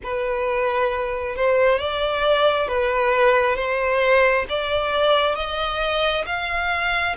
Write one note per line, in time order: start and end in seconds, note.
0.03 1.35 B4
1.35 1.79 C5
1.79 2.67 D5
2.67 3.56 B4
3.56 4.45 C5
4.49 5.35 D5
5.35 6.24 D#5
6.26 7.15 F5